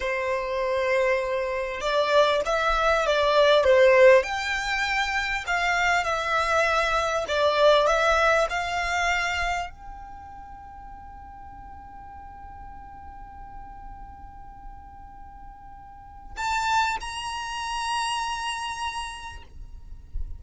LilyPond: \new Staff \with { instrumentName = "violin" } { \time 4/4 \tempo 4 = 99 c''2. d''4 | e''4 d''4 c''4 g''4~ | g''4 f''4 e''2 | d''4 e''4 f''2 |
g''1~ | g''1~ | g''2. a''4 | ais''1 | }